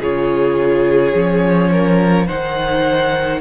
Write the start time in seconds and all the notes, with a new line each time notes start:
0.00 C#3 F4 G#4 C#5
1.14 F3 C#4
1.72 A#4
2.27 D#3 D#4 C5 F#5